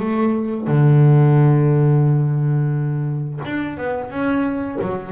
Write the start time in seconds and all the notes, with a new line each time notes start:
0.00 A3
0.68 D3
3.45 D4
3.77 B3
4.10 C#4
4.81 F#3